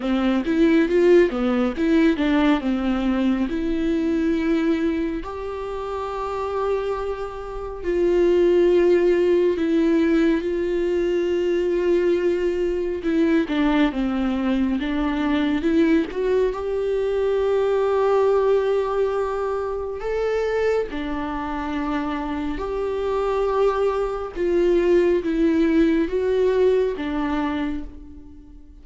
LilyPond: \new Staff \with { instrumentName = "viola" } { \time 4/4 \tempo 4 = 69 c'8 e'8 f'8 b8 e'8 d'8 c'4 | e'2 g'2~ | g'4 f'2 e'4 | f'2. e'8 d'8 |
c'4 d'4 e'8 fis'8 g'4~ | g'2. a'4 | d'2 g'2 | f'4 e'4 fis'4 d'4 | }